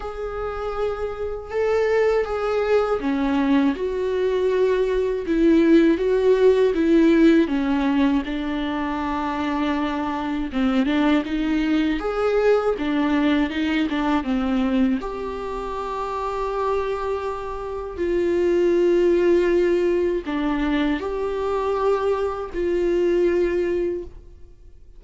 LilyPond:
\new Staff \with { instrumentName = "viola" } { \time 4/4 \tempo 4 = 80 gis'2 a'4 gis'4 | cis'4 fis'2 e'4 | fis'4 e'4 cis'4 d'4~ | d'2 c'8 d'8 dis'4 |
gis'4 d'4 dis'8 d'8 c'4 | g'1 | f'2. d'4 | g'2 f'2 | }